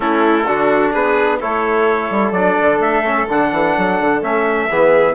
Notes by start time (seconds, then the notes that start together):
0.00 A3 C#4 E4 A4
0.45 D3 D4 F#4
0.92 B3 G#4 B4
1.40 A3 E4 A4 C#5
2.10 G3
2.31 F#3 D4 D5
2.61 D3
2.79 A3 E5
3.04 C#4
3.29 D3 D4 F#5
3.52 E3
3.77 F#3
4.00 D3
4.22 A3 C#4 E5
4.70 E3 B3 G#4